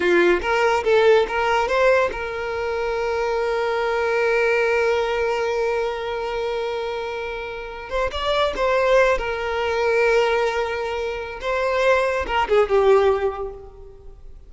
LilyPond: \new Staff \with { instrumentName = "violin" } { \time 4/4 \tempo 4 = 142 f'4 ais'4 a'4 ais'4 | c''4 ais'2.~ | ais'1~ | ais'1~ |
ais'2~ ais'8. c''8 d''8.~ | d''16 c''4. ais'2~ ais'16~ | ais'2. c''4~ | c''4 ais'8 gis'8 g'2 | }